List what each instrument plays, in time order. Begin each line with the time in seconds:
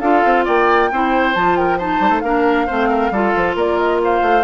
0.00 bassoon D4, clarinet F4, oboe A4, flute F5
0.25 bassoon C4
0.45 bassoon A#3, oboe D5, flute G5
0.92 bassoon C4, clarinet E4, oboe C5
1.35 bassoon F3, clarinet F4, flute A5
1.56 oboe A#4, flute G5
1.78 clarinet D#4, oboe C5, flute A5
2.00 bassoon G3
2.10 bassoon A3
2.21 bassoon A#3, clarinet D4, oboe A#4, flute F5
2.67 bassoon A3, clarinet C4, oboe C5
2.89 oboe A#4
3.11 bassoon G3, clarinet F4, oboe A4
3.36 bassoon F3
3.55 bassoon A#3, oboe A#4, flute D5
3.78 flute D#5
4.04 oboe C5, flute F5
4.22 bassoon A3